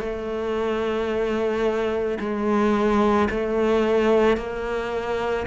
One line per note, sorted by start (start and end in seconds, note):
0.00 2.18 A3
2.20 3.29 G#3
3.30 4.37 A3
4.37 5.46 A#3